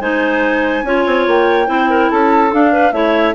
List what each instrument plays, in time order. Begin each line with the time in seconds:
0.00 bassoon G#3, clarinet D#4 C5, flute G#5
0.83 bassoon C#4, clarinet F4 C#5
1.06 bassoon C4
1.27 bassoon A#3, flute G5
1.66 bassoon C4, clarinet E4 C5
1.90 clarinet A#4
2.10 bassoon C#4, clarinet A4, flute A5
2.51 clarinet D4, bassoon D4, flute F5
2.72 clarinet B4
2.92 bassoon A3, clarinet E4 C#5, flute E5